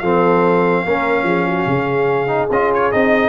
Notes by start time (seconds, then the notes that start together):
0.00 F3 C4 A4 F5
0.84 A#3 C#4 A#4
1.23 F3 G#4
1.48 F#4
1.67 C#3 G#4
2.28 D#4
2.51 C#4 F4 D#5
2.74 C#5
2.92 C4 D#4 D#5